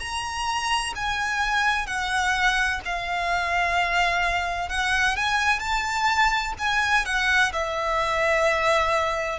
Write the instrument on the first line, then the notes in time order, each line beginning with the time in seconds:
violin
0.00 A#5
0.95 G#5
1.87 F#5
2.85 F5
4.69 F#5
5.16 G#5
5.60 A5
6.59 G#5
7.05 F#5
7.53 E5